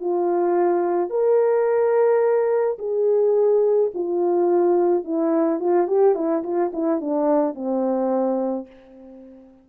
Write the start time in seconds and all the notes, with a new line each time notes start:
0.00 F4
1.10 A#4
2.79 G#4
3.94 F4
5.04 E4
5.59 F4
5.87 G4
6.15 E4
6.43 F4
6.73 E4
7.01 D4
7.54 C4